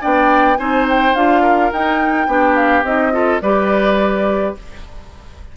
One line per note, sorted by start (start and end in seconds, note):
0.00 0.58 B3
0.00 0.57 D4
0.00 0.58 D5
0.00 0.57 G5
0.57 1.15 C4
0.57 1.15 D#4
0.57 1.42 C5
0.57 0.86 G#5
0.89 1.15 G5
1.15 1.72 D4
1.15 1.72 F4
1.15 1.72 F5
1.42 2.27 A#4
1.72 2.27 D#4
1.72 2.55 G5
2.27 2.83 B3
2.27 2.84 D4
2.27 3.13 G4
2.55 2.84 F5
2.83 3.40 C4
2.83 3.12 D#4
2.83 3.41 D#5
3.12 3.40 F4
3.12 3.42 A4
3.41 4.55 G3
3.41 4.56 G4
3.41 4.56 B4
3.41 4.55 D5